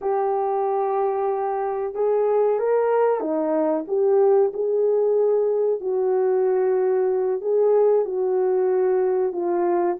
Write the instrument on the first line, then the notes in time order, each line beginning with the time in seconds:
horn
0.01 G4
1.94 G#4
2.59 A#4
3.20 D#4
3.87 G4
4.53 G#4
5.80 F#4
7.41 G#4
8.05 F#4
9.32 F4